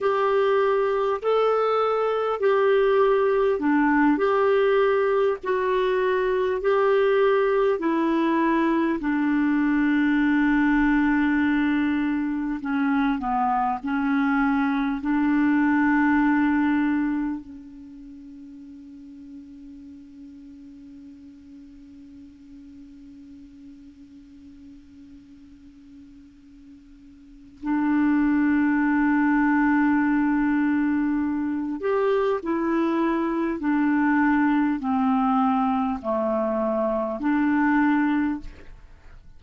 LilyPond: \new Staff \with { instrumentName = "clarinet" } { \time 4/4 \tempo 4 = 50 g'4 a'4 g'4 d'8 g'8~ | g'8 fis'4 g'4 e'4 d'8~ | d'2~ d'8 cis'8 b8 cis'8~ | cis'8 d'2 cis'4.~ |
cis'1~ | cis'2. d'4~ | d'2~ d'8 g'8 e'4 | d'4 c'4 a4 d'4 | }